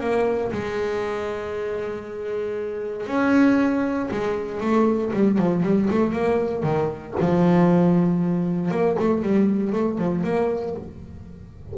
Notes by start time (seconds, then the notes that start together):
0.00 A#3
0.52 G#3
3.07 C#4
4.11 G#3
4.60 A3
5.13 G3
5.38 F3
5.63 G3
5.90 A3
6.12 A#3
6.63 D#3
7.20 F3
8.71 A#3
8.99 A3
9.22 G3
9.72 A3
9.98 F3
10.24 A#3